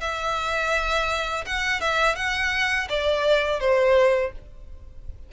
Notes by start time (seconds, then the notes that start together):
0.00 E5
1.46 F#5
1.80 E5
2.16 F#5
2.89 D5
3.59 C5